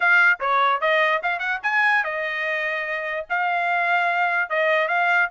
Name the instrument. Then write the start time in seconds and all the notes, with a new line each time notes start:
trumpet
0.00 F5
0.40 C#5
0.81 D#5
1.22 F5
1.39 F#5
1.63 G#5
2.04 D#5
3.29 F5
4.49 D#5
4.88 F5